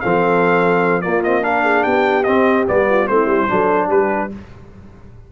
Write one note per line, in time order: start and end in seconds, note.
0.00 1.05 F3
0.00 1.03 C4
0.00 1.03 A4
0.00 1.01 F5
1.01 1.23 A#3
1.01 1.86 A#3
1.01 1.43 F4
1.01 1.22 D5
1.23 1.42 C4
1.23 1.43 D#5
1.42 2.23 D4
1.42 1.63 A#4
1.42 1.83 F5
1.63 1.83 G#4
1.83 2.26 B3
1.83 2.85 G4
1.83 2.23 G5
2.23 2.67 C4
2.23 2.66 C4
2.23 2.64 D#5
2.66 3.09 G3
2.66 3.07 B3
2.66 3.07 D5
2.89 3.09 F4
3.07 3.26 A3
3.07 3.48 C4
3.07 3.51 E4
3.07 3.89 C5
3.26 3.46 G3
3.48 3.90 F#3
3.48 4.29 D4
3.48 3.87 A4
3.87 4.31 G3
3.87 4.27 G4
3.87 4.31 B4